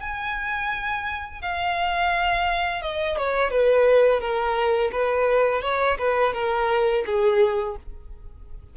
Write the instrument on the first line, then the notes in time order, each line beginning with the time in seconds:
violin
0.00 G#5
1.41 F5
2.82 D#5
3.17 C#5
3.51 B4
4.20 A#4
4.92 B4
5.62 C#5
5.98 B4
6.33 A#4
7.06 G#4